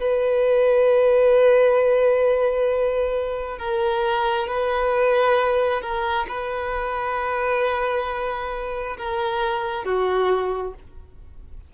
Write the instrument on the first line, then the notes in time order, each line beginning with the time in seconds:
violin
0.00 B4
3.58 A#4
4.47 B4
5.81 A#4
6.28 B4
8.98 A#4
9.84 F#4